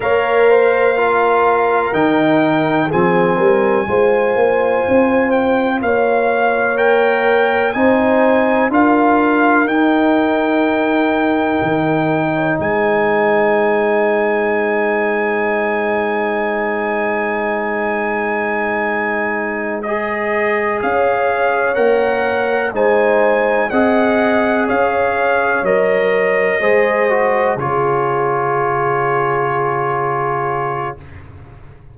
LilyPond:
<<
  \new Staff \with { instrumentName = "trumpet" } { \time 4/4 \tempo 4 = 62 f''2 g''4 gis''4~ | gis''4. g''8 f''4 g''4 | gis''4 f''4 g''2~ | g''4 gis''2.~ |
gis''1~ | gis''8 dis''4 f''4 fis''4 gis''8~ | gis''8 fis''4 f''4 dis''4.~ | dis''8 cis''2.~ cis''8 | }
  \new Staff \with { instrumentName = "horn" } { \time 4/4 cis''8 c''8 ais'2 gis'8 ais'8 | c''2 cis''2 | c''4 ais'2.~ | ais'8. cis''16 c''2.~ |
c''1~ | c''4. cis''2 c''8~ | c''8 dis''4 cis''2 c''8~ | c''8 gis'2.~ gis'8 | }
  \new Staff \with { instrumentName = "trombone" } { \time 4/4 ais'4 f'4 dis'4 c'4 | f'2. ais'4 | dis'4 f'4 dis'2~ | dis'1~ |
dis'1~ | dis'8 gis'2 ais'4 dis'8~ | dis'8 gis'2 ais'4 gis'8 | fis'8 f'2.~ f'8 | }
  \new Staff \with { instrumentName = "tuba" } { \time 4/4 ais2 dis4 f8 g8 | gis8 ais8 c'4 ais2 | c'4 d'4 dis'2 | dis4 gis2.~ |
gis1~ | gis4. cis'4 ais4 gis8~ | gis8 c'4 cis'4 fis4 gis8~ | gis8 cis2.~ cis8 | }
>>